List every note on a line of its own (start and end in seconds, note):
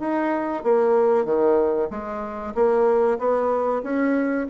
0.00 0.64 D#4
0.64 1.25 A#3
1.25 1.89 D#3
1.91 2.54 G#3
2.55 3.19 A#3
3.19 3.83 B3
3.84 4.47 C#4